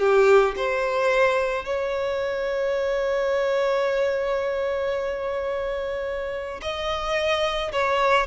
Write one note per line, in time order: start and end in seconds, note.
0.00 0.55 G4
0.57 1.65 C5
1.65 6.61 C#5
6.62 7.72 D#5
7.72 8.27 C#5